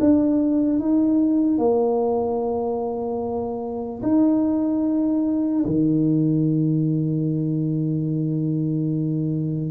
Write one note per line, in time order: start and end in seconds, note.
0.00 0.79 D4
0.79 1.58 D#4
1.58 4.01 A#3
4.02 5.64 D#4
5.65 9.70 D#3